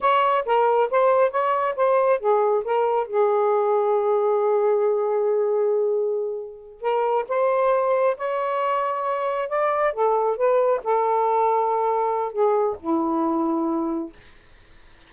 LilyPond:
\new Staff \with { instrumentName = "saxophone" } { \time 4/4 \tempo 4 = 136 cis''4 ais'4 c''4 cis''4 | c''4 gis'4 ais'4 gis'4~ | gis'1~ | gis'2.~ gis'8 ais'8~ |
ais'8 c''2 cis''4.~ | cis''4. d''4 a'4 b'8~ | b'8 a'2.~ a'8 | gis'4 e'2. | }